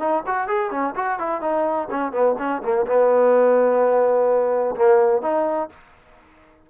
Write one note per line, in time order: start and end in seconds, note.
0.00 0.24 D#4
0.27 0.48 F#4
0.48 0.71 G#4
0.71 0.94 C#4
0.96 1.20 F#4
1.20 1.42 E4
1.42 1.89 D#4
1.91 2.12 C#4
2.12 2.36 B3
2.39 2.62 C#4
2.62 2.86 A#3
2.86 4.75 B3
4.76 5.22 A#3
5.22 5.69 D#4